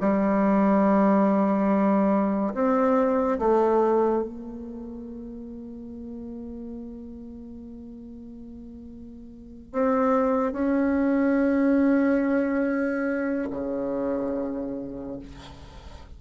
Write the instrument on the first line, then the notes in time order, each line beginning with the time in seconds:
bassoon
0.00 G3
2.54 C4
3.39 A3
4.23 A#3
9.72 C4
10.52 C#4
13.50 C#3